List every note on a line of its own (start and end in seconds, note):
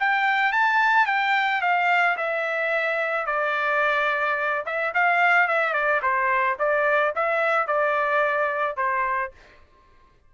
0.00 0.53 G5
0.53 1.07 A5
1.07 1.62 G5
1.62 2.17 F5
2.17 3.27 E5
3.27 4.64 D5
4.66 4.94 E5
4.95 5.48 F5
5.48 5.74 E5
5.74 6.01 D5
6.03 6.58 C5
6.59 7.14 D5
7.16 7.67 E5
7.67 8.77 D5
8.77 9.32 C5